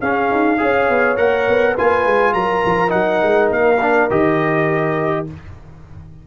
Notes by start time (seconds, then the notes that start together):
0.00 C#4 G#4 F5
0.31 D#4
0.58 C#4 G#4 C#5
0.89 B3
1.17 A#3 A#4 F#5
1.48 B3
1.75 A#3 F4 B4 G#5
2.06 G#3
2.34 F#3 A#4 A#5
2.65 F3
2.88 F#3 D#4 F#5
3.23 G#3
3.50 A#3 F5
3.82 D4
4.10 D#3 G4 D#5